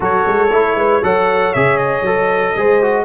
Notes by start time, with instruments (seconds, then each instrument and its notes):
0.00 tuba F#3, trombone F#4, horn A4, trumpet C#5
0.26 tuba G#3
0.51 tuba A3, trombone E4
0.75 tuba G#3, horn B4
1.02 tuba F#3, trombone A4, horn C#5, trumpet F#5
1.53 tuba C#3, trombone G#4, trumpet E5
1.77 trumpet D#5
2.01 tuba F#3, trombone A4
2.55 tuba G#3, trombone G#4, horn C5
2.82 trombone F#4